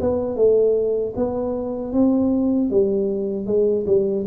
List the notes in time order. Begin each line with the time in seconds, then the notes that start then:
0.00 B3
0.35 A3
1.16 B3
1.92 C4
2.70 G3
3.46 G#3
3.86 G3